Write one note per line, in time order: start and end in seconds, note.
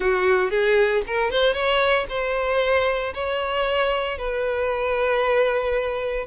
0.00 0.50 F#4
0.50 1.02 G#4
1.06 1.30 A#4
1.30 1.53 C5
1.53 2.05 C#5
2.09 3.13 C5
3.14 4.17 C#5
4.17 6.26 B4